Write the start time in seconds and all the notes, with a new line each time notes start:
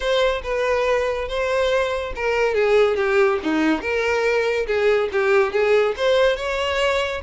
0.00 C5
0.43 B4
1.28 C5
2.15 A#4
2.54 G#4
2.96 G4
3.43 D#4
3.81 A#4
4.66 G#4
5.12 G4
5.52 G#4
5.97 C5
6.36 C#5